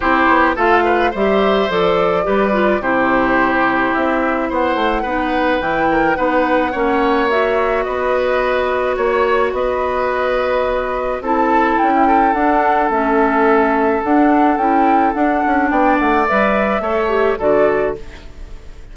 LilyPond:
<<
  \new Staff \with { instrumentName = "flute" } { \time 4/4 \tempo 4 = 107 c''4 f''4 e''4 d''4~ | d''4 c''2 e''4 | fis''2 g''4 fis''4~ | fis''4 e''4 dis''2 |
cis''4 dis''2. | a''4 g''4 fis''4 e''4~ | e''4 fis''4 g''4 fis''4 | g''8 fis''8 e''2 d''4 | }
  \new Staff \with { instrumentName = "oboe" } { \time 4/4 g'4 a'8 b'8 c''2 | b'4 g'2. | c''4 b'4. ais'8 b'4 | cis''2 b'2 |
cis''4 b'2. | a'4~ a'16 e'16 a'2~ a'8~ | a'1 | d''2 cis''4 a'4 | }
  \new Staff \with { instrumentName = "clarinet" } { \time 4/4 e'4 f'4 g'4 a'4 | g'8 f'8 e'2.~ | e'4 dis'4 e'4 dis'4 | cis'4 fis'2.~ |
fis'1 | e'2 d'4 cis'4~ | cis'4 d'4 e'4 d'4~ | d'4 b'4 a'8 g'8 fis'4 | }
  \new Staff \with { instrumentName = "bassoon" } { \time 4/4 c'8 b8 a4 g4 f4 | g4 c2 c'4 | b8 a8 b4 e4 b4 | ais2 b2 |
ais4 b2. | c'4 cis'4 d'4 a4~ | a4 d'4 cis'4 d'8 cis'8 | b8 a8 g4 a4 d4 | }
>>